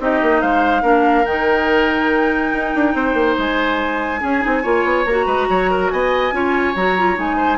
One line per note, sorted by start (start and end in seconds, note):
0.00 0.21 C4
0.00 0.83 D#4
0.00 0.42 G4
0.00 0.42 D#5
0.22 0.42 A#3
0.42 0.83 G#3
0.42 0.82 C5
0.42 1.26 F5
0.82 1.25 A#3
0.82 1.25 D4
0.82 2.94 A#4
1.26 2.53 D#3
1.26 4.20 D#4
1.26 3.37 G5
2.53 2.74 D#4
2.75 2.94 D4
2.94 3.14 C4
2.94 4.21 C5
3.14 3.35 A#3
3.38 4.23 G#3
3.38 5.06 G#5
4.20 4.41 C#4
4.20 4.44 C#4
4.20 4.63 G#4
4.41 4.65 C4
4.41 4.62 D#4
4.63 4.84 A#3
4.63 5.06 F4
4.63 5.26 C#5
4.84 5.05 B3
5.05 5.27 A#3
5.05 6.32 F#4
5.05 5.90 A#5
5.26 5.48 G#3
5.26 5.47 B4
5.49 5.92 F#3
5.49 5.71 C#5
5.71 5.92 A#4
5.90 6.32 B3
5.90 6.35 D#5
5.90 6.75 G#5
6.32 6.74 C#4
6.32 6.75 F4
6.32 7.37 C#5
6.75 7.18 F#3
6.75 6.98 F#4
6.75 7.18 A#5
6.98 7.16 F4
7.16 7.59 G#3
7.16 7.58 D#4
7.16 7.59 G#5
7.37 7.58 C5